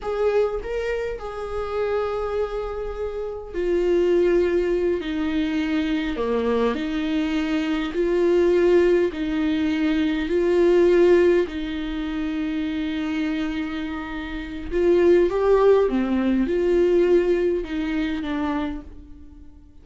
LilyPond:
\new Staff \with { instrumentName = "viola" } { \time 4/4 \tempo 4 = 102 gis'4 ais'4 gis'2~ | gis'2 f'2~ | f'8 dis'2 ais4 dis'8~ | dis'4. f'2 dis'8~ |
dis'4. f'2 dis'8~ | dis'1~ | dis'4 f'4 g'4 c'4 | f'2 dis'4 d'4 | }